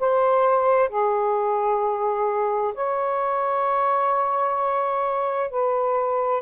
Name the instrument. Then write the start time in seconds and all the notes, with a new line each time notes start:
saxophone
0.00 C5
0.89 G#4
2.75 C#5
5.51 B4